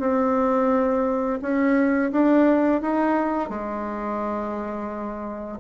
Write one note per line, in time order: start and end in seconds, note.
0.00 1.40 C4
1.42 2.12 C#4
2.12 2.82 D4
2.82 3.50 D#4
3.50 5.59 G#3